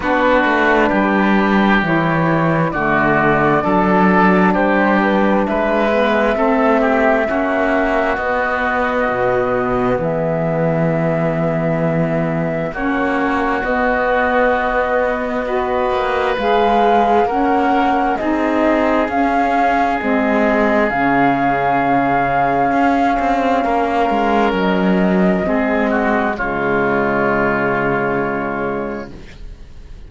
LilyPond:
<<
  \new Staff \with { instrumentName = "flute" } { \time 4/4 \tempo 4 = 66 b'2 cis''4 d''4~ | d''4 c''8 b'8 e''2~ | e''4 dis''2 e''4~ | e''2 cis''4 dis''4~ |
dis''2 f''4 fis''4 | dis''4 f''4 dis''4 f''4~ | f''2. dis''4~ | dis''4 cis''2. | }
  \new Staff \with { instrumentName = "oboe" } { \time 4/4 fis'4 g'2 fis'4 | a'4 g'4 b'4 a'8 g'8 | fis'2. gis'4~ | gis'2 fis'2~ |
fis'4 b'2 ais'4 | gis'1~ | gis'2 ais'2 | gis'8 fis'8 f'2. | }
  \new Staff \with { instrumentName = "saxophone" } { \time 4/4 d'2 e'4 a4 | d'2~ d'8 b8 c'4 | cis'4 b2.~ | b2 cis'4 b4~ |
b4 fis'4 gis'4 cis'4 | dis'4 cis'4 c'4 cis'4~ | cis'1 | c'4 gis2. | }
  \new Staff \with { instrumentName = "cello" } { \time 4/4 b8 a8 g4 e4 d4 | fis4 g4 gis4 a4 | ais4 b4 b,4 e4~ | e2 ais4 b4~ |
b4. ais8 gis4 ais4 | c'4 cis'4 gis4 cis4~ | cis4 cis'8 c'8 ais8 gis8 fis4 | gis4 cis2. | }
>>